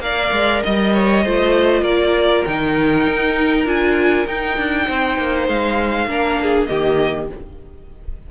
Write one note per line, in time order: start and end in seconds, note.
0.00 0.30 A#3
0.00 1.24 A#4
0.00 0.63 D5
0.00 0.62 F5
0.32 0.63 G#3
0.63 1.25 G3
0.63 0.93 D#5
0.63 1.84 D#5
0.94 1.24 C#5
1.24 1.82 A3
1.24 2.47 F4
1.24 1.82 C5
1.82 2.43 A#3
1.82 4.85 A#4
1.82 2.45 D5
2.45 3.08 D#3
2.45 3.66 D#4
2.45 3.66 G5
3.08 3.66 D#4
3.66 4.26 D4
3.66 4.26 F4
3.66 4.28 G#5
4.28 4.58 D#4
4.28 6.09 D#4
4.28 5.48 G5
4.58 4.88 D4
4.86 5.18 C4
4.86 6.08 C5
5.18 5.48 A#3
5.48 6.06 G#3
5.48 6.66 F5
6.06 6.67 A#3
6.06 6.69 D4
6.06 6.42 A#4
6.42 6.70 G#4
6.66 7.31 D#3
6.66 7.29 A#3
6.66 7.30 G4
6.66 7.27 D#5